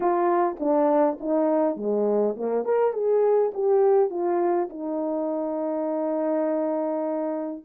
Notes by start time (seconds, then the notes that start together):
0.00 F4
0.59 D4
1.20 D#4
1.76 G#3
2.36 A#3
2.64 A#4
2.93 G#4
3.53 G4
4.10 F4
4.69 D#4